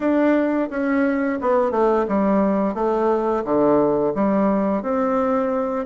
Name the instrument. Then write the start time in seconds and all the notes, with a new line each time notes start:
bassoon
0.00 D4
0.70 C#4
1.41 B3
1.71 A3
2.08 G3
2.74 A3
3.44 D3
4.14 G3
4.82 C4